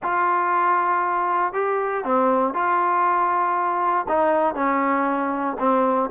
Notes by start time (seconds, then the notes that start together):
0.02 F4
1.53 G4
2.04 C4
2.54 F4
4.08 D#4
4.55 C#4
5.59 C4